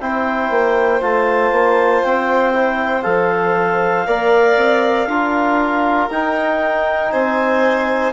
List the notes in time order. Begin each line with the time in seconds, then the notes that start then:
0.00 C4 E4 C5 G5
0.50 A#3
1.01 A3 F4 A5
1.51 A#3
2.04 C4 G5
2.54 E4
3.02 F3 A4 F5
4.06 A#3 A#4 D5
4.56 C4
5.07 D4 F4 A#4
6.10 D#4 G5
7.11 C4 C5 G#5